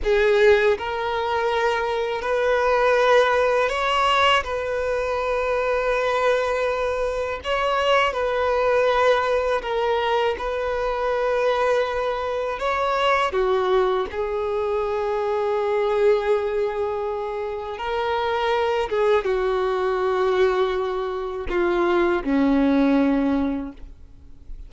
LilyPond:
\new Staff \with { instrumentName = "violin" } { \time 4/4 \tempo 4 = 81 gis'4 ais'2 b'4~ | b'4 cis''4 b'2~ | b'2 cis''4 b'4~ | b'4 ais'4 b'2~ |
b'4 cis''4 fis'4 gis'4~ | gis'1 | ais'4. gis'8 fis'2~ | fis'4 f'4 cis'2 | }